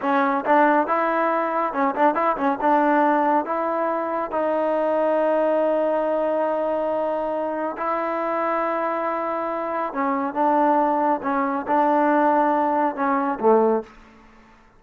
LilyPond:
\new Staff \with { instrumentName = "trombone" } { \time 4/4 \tempo 4 = 139 cis'4 d'4 e'2 | cis'8 d'8 e'8 cis'8 d'2 | e'2 dis'2~ | dis'1~ |
dis'2 e'2~ | e'2. cis'4 | d'2 cis'4 d'4~ | d'2 cis'4 a4 | }